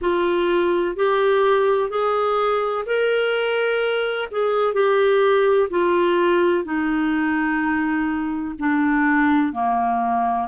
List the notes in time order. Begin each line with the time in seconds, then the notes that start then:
0.01 F4
0.96 G4
1.89 G#4
2.86 A#4
4.31 G#4
4.73 G4
5.70 F4
6.64 D#4
8.58 D4
9.52 A#3